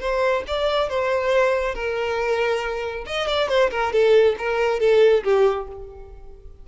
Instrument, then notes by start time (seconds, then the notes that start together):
violin
0.00 C5
0.47 D5
0.89 C5
1.75 A#4
3.06 D#5
3.27 D5
3.48 C5
3.71 A#4
3.92 A4
4.38 A#4
4.80 A4
5.24 G4